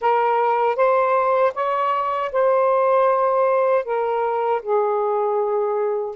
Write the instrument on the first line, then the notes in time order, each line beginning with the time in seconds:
saxophone
0.01 A#4
0.76 C5
1.54 C#5
2.32 C5
3.84 A#4
4.62 G#4